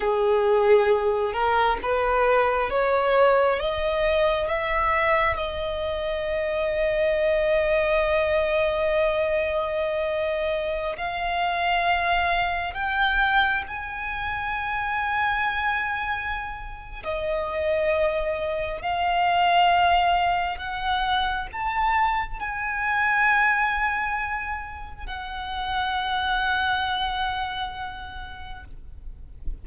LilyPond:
\new Staff \with { instrumentName = "violin" } { \time 4/4 \tempo 4 = 67 gis'4. ais'8 b'4 cis''4 | dis''4 e''4 dis''2~ | dis''1~ | dis''16 f''2 g''4 gis''8.~ |
gis''2. dis''4~ | dis''4 f''2 fis''4 | a''4 gis''2. | fis''1 | }